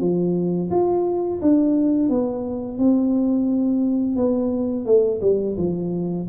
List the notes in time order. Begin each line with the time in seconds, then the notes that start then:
0.00 F3
0.70 F4
1.41 D4
2.09 B3
2.78 C4
4.16 B3
4.85 A3
5.21 G3
5.57 F3